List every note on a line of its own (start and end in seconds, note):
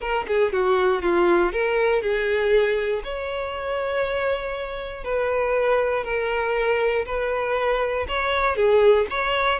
0.00 0.26 A#4
0.27 0.52 G#4
0.52 1.02 F#4
1.02 1.52 F4
1.52 2.01 A#4
2.01 3.02 G#4
3.03 5.04 C#5
5.04 6.04 B4
6.04 7.05 A#4
7.05 8.06 B4
8.08 8.56 C#5
8.56 9.06 G#4
9.10 9.59 C#5